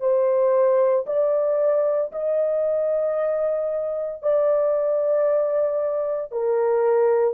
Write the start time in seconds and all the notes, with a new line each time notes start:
0.00 C5
1.07 D5
2.12 D#5
4.23 D5
6.32 A#4